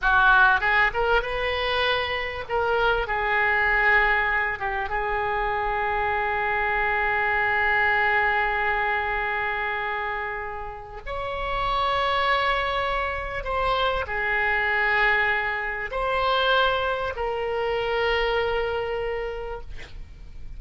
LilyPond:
\new Staff \with { instrumentName = "oboe" } { \time 4/4 \tempo 4 = 98 fis'4 gis'8 ais'8 b'2 | ais'4 gis'2~ gis'8 g'8 | gis'1~ | gis'1~ |
gis'2 cis''2~ | cis''2 c''4 gis'4~ | gis'2 c''2 | ais'1 | }